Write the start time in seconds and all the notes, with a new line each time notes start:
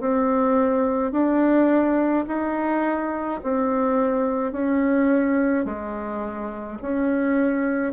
0.00 C4
1.12 D4
2.27 D#4
3.43 C4
4.52 C#4
5.64 G#3
6.81 C#4